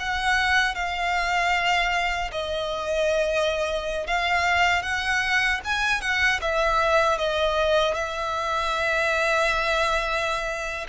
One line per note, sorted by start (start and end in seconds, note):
0.00 0.75 F#5
0.75 2.31 F5
2.32 4.07 D#5
4.07 4.83 F5
4.83 5.61 F#5
5.65 6.01 G#5
6.01 6.40 F#5
6.42 7.19 E5
7.19 7.95 D#5
7.95 10.87 E5